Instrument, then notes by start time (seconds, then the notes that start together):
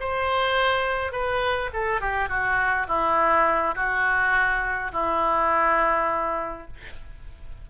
oboe
0.00 C5
1.12 B4
1.73 A4
2.00 G4
2.29 F#4
2.87 E4
3.75 F#4
4.92 E4